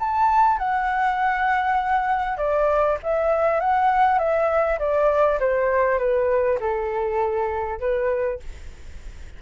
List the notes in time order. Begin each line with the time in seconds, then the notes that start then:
0.00 A5
0.58 F#5
2.38 D5
3.03 E5
3.61 F#5
4.19 E5
4.79 D5
5.40 C5
5.99 B4
6.61 A4
7.80 B4